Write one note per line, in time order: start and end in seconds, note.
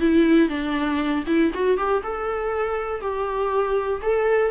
0.00 0.49 E4
0.49 1.24 D4
1.27 1.52 E4
1.54 1.77 F#4
1.77 2.02 G4
2.03 3.01 A4
3.01 4.01 G4
4.02 4.51 A4